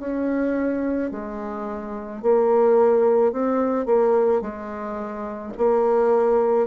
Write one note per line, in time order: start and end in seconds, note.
0.00 1.11 C#4
1.11 2.22 G#3
2.22 3.32 A#3
3.32 3.86 C4
3.86 4.41 A#3
4.41 5.53 G#3
5.58 6.67 A#3